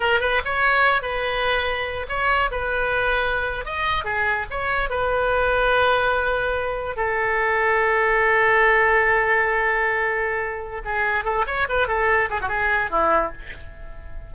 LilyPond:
\new Staff \with { instrumentName = "oboe" } { \time 4/4 \tempo 4 = 144 ais'8 b'8 cis''4. b'4.~ | b'4 cis''4 b'2~ | b'8. dis''4 gis'4 cis''4 b'16~ | b'1~ |
b'8. a'2.~ a'16~ | a'1~ | a'2 gis'4 a'8 cis''8 | b'8 a'4 gis'16 fis'16 gis'4 e'4 | }